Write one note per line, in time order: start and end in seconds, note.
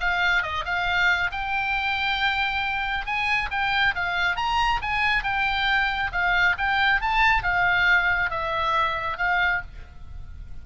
0.00 0.42 F5
0.42 0.64 D#5
0.65 1.30 F5
1.31 3.05 G5
3.05 3.49 G#5
3.51 3.94 G5
3.95 4.36 F5
4.36 4.80 A#5
4.81 5.23 G#5
5.23 6.11 G5
6.12 6.56 F5
6.58 7.01 G5
7.01 7.43 A5
7.43 8.30 F5
8.30 9.17 E5
9.17 9.61 F5